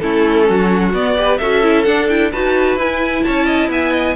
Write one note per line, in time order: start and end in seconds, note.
0.00 0.49 A3
0.00 0.94 C#4
0.00 0.49 E4
0.00 0.92 A4
0.49 0.93 F#3
0.49 1.18 F#4
0.93 1.40 B3
0.93 1.17 B3
0.93 1.38 D5
1.17 1.40 G4
1.17 1.39 B4
1.38 1.88 C#4
1.38 1.63 F#4
1.38 2.31 A4
1.38 1.84 E5
1.63 1.86 E4
1.84 2.09 D4
1.84 2.34 D4
1.84 2.07 F#5
2.09 2.32 E4
2.09 2.32 G5
2.31 2.76 D#4
2.31 2.79 F#4
2.31 3.24 B4
2.31 2.78 A5
2.76 3.22 E4
2.76 4.16 E4
2.76 3.24 G#5
3.24 3.69 C#4
3.24 3.46 C#5
3.24 3.70 A5
3.46 3.70 D#5
3.69 4.15 B3
3.69 3.92 E5
3.69 4.16 G#5
3.92 4.15 D#5